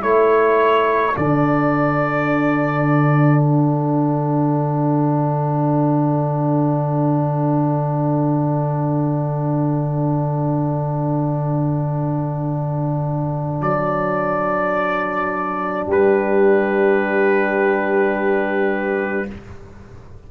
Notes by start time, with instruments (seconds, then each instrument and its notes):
0.00 tuba A3, trombone E4, horn A4, trumpet C#5
1.16 tuba D3, trombone D4, trumpet D5
3.41 trumpet F#5
13.61 tuba F#3, trumpet D5
15.86 tuba G3, horn G4, trumpet B4